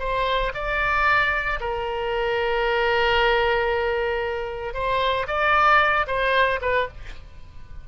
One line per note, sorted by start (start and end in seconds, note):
0.00 0.53 C5
0.55 1.60 D5
1.61 4.74 A#4
4.74 5.27 C5
5.28 6.07 D5
6.08 6.60 C5
6.62 6.88 B4